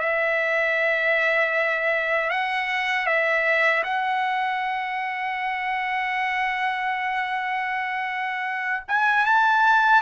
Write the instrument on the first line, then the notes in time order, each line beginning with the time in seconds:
trumpet
0.00 E5
2.30 F#5
3.07 E5
3.84 F#5
8.88 G#5
9.26 A5